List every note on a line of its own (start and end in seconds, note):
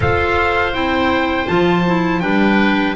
0.00 0.73 F4
0.00 0.73 A4
0.00 2.22 C5
0.00 0.74 F5
0.73 1.47 C4
0.73 1.47 E4
0.73 1.47 G5
1.47 2.22 F3
1.47 1.84 F4
1.47 2.20 A5
1.86 2.21 E4
2.20 2.95 G3
2.20 2.95 D4
2.20 2.95 B4
2.20 2.94 G5